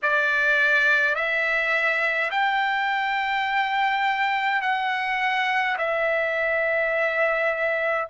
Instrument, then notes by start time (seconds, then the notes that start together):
trumpet
0.02 D5
1.15 E5
2.31 G5
4.61 F#5
5.77 E5